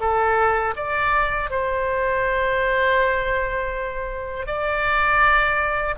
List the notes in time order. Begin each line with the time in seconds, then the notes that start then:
0.00 A4
0.76 D5
1.51 C5
4.47 D5